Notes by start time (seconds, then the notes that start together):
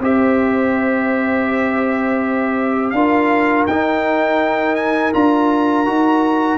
0.00 C4 G4 C5 E5
2.90 D4 F4 A#4 F5
3.66 D#4 G5
4.76 G#5
5.14 D4 F4 A#5
5.86 D#4 F#4